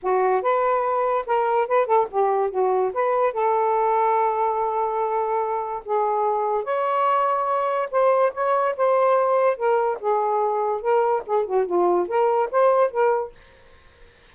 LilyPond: \new Staff \with { instrumentName = "saxophone" } { \time 4/4 \tempo 4 = 144 fis'4 b'2 ais'4 | b'8 a'8 g'4 fis'4 b'4 | a'1~ | a'2 gis'2 |
cis''2. c''4 | cis''4 c''2 ais'4 | gis'2 ais'4 gis'8 fis'8 | f'4 ais'4 c''4 ais'4 | }